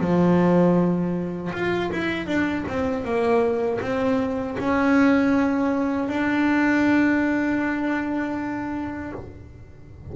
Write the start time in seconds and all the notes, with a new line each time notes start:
0.00 F3
1.53 F4
1.92 E4
2.26 D4
2.68 C4
3.04 A#3
3.81 C4
4.59 C#4
6.09 D4